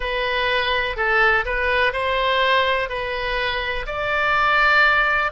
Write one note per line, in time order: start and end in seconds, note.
0.00 0.96 B4
0.96 1.45 A4
1.45 1.93 B4
1.93 2.89 C5
2.89 3.86 B4
3.86 5.31 D5